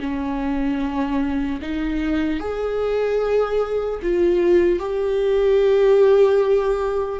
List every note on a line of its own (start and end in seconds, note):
0.00 1.60 C#4
1.62 2.40 D#4
2.40 4.00 G#4
4.02 4.80 F4
4.80 7.20 G4